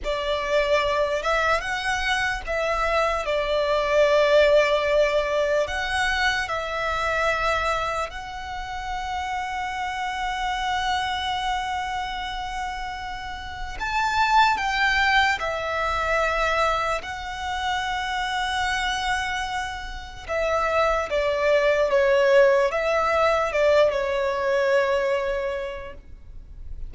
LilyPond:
\new Staff \with { instrumentName = "violin" } { \time 4/4 \tempo 4 = 74 d''4. e''8 fis''4 e''4 | d''2. fis''4 | e''2 fis''2~ | fis''1~ |
fis''4 a''4 g''4 e''4~ | e''4 fis''2.~ | fis''4 e''4 d''4 cis''4 | e''4 d''8 cis''2~ cis''8 | }